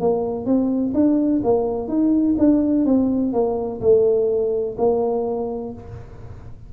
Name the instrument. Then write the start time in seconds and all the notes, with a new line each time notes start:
tuba
0.00 A#3
0.45 C4
0.94 D4
1.43 A#3
1.88 D#4
2.38 D4
2.85 C4
3.32 A#3
3.81 A3
4.77 A#3